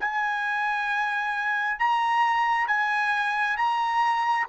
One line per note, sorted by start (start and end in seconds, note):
0.00 1.79 G#5
1.79 2.67 A#5
2.67 3.57 G#5
3.57 4.47 A#5